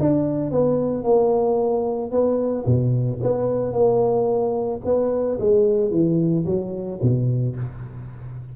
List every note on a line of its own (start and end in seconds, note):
0.00 0.51 D4
0.51 1.04 B3
1.04 2.11 A#3
2.11 2.65 B3
2.66 3.20 B2
3.23 3.72 B3
3.72 4.81 A#3
4.85 5.39 B3
5.40 5.91 G#3
5.91 6.45 E3
6.46 7.00 F#3
7.02 7.56 B2